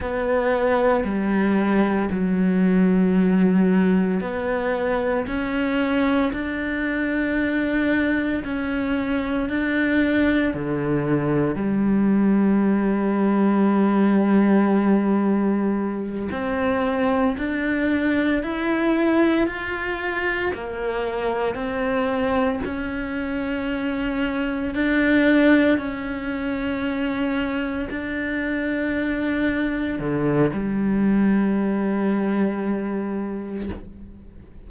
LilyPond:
\new Staff \with { instrumentName = "cello" } { \time 4/4 \tempo 4 = 57 b4 g4 fis2 | b4 cis'4 d'2 | cis'4 d'4 d4 g4~ | g2.~ g8 c'8~ |
c'8 d'4 e'4 f'4 ais8~ | ais8 c'4 cis'2 d'8~ | d'8 cis'2 d'4.~ | d'8 d8 g2. | }